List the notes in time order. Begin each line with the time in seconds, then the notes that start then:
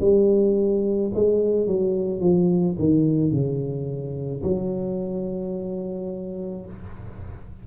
0.00 G3
1.14 G#3
1.67 F#3
2.20 F3
2.78 D#3
3.31 C#3
4.43 F#3